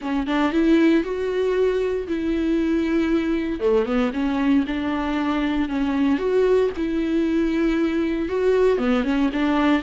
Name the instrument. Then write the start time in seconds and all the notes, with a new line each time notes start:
viola
0.01 C#4
0.26 D4
0.51 E4
1.03 F#4
2.07 E4
3.59 A3
3.85 B3
4.13 C#4
4.67 D4
5.68 C#4
6.18 F#4
6.76 E4
8.28 F#4
8.78 B3
9.04 C#4
9.32 D4